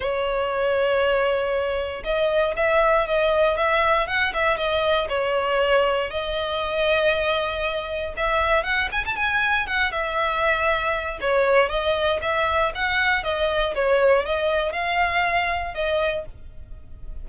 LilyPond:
\new Staff \with { instrumentName = "violin" } { \time 4/4 \tempo 4 = 118 cis''1 | dis''4 e''4 dis''4 e''4 | fis''8 e''8 dis''4 cis''2 | dis''1 |
e''4 fis''8 gis''16 a''16 gis''4 fis''8 e''8~ | e''2 cis''4 dis''4 | e''4 fis''4 dis''4 cis''4 | dis''4 f''2 dis''4 | }